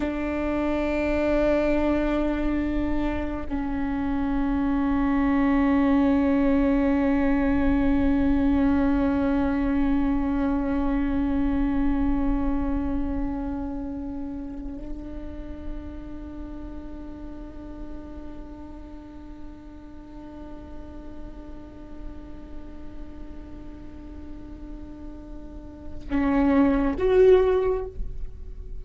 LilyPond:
\new Staff \with { instrumentName = "viola" } { \time 4/4 \tempo 4 = 69 d'1 | cis'1~ | cis'1~ | cis'1~ |
cis'4 d'2.~ | d'1~ | d'1~ | d'2 cis'4 fis'4 | }